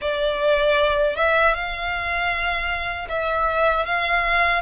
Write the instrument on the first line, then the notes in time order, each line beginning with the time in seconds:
violin
0.01 D5
1.15 E5
1.54 F5
3.08 E5
3.85 F5